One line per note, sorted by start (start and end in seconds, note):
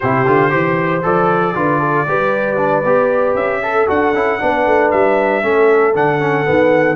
0.00 0.26 C3
0.00 0.26 E4
0.00 0.50 G4
0.00 1.02 C5
0.26 0.52 D3
0.26 0.50 F4
0.50 1.04 E3
0.50 1.01 G4
0.50 1.53 C5
1.02 1.55 F3
1.02 1.54 A4
1.02 3.35 D5
1.54 2.07 D3
1.54 2.06 F4
1.54 1.79 B4
1.79 2.05 A4
2.07 2.84 G3
2.07 2.56 G4
2.07 3.62 B4
2.56 2.82 D4
2.84 3.34 B3
2.84 3.62 G4
3.34 3.86 C#4
3.34 3.87 E5
3.62 4.40 A4
3.62 3.87 A4
3.87 4.14 D4
3.87 4.13 F#4
3.87 4.90 F#5
4.14 4.40 C#4
4.14 4.39 E4
4.39 4.66 B3
4.39 5.41 D4
4.39 5.44 B4
4.66 4.92 A3
4.90 5.43 G3
4.90 5.94 E5
5.41 5.94 A3
5.41 5.93 C#4
5.41 6.95 A4
5.94 6.46 D3
5.94 6.19 D4
5.94 6.95 F#5
6.19 6.44 C#4
6.44 6.95 D#3
6.44 6.95 B3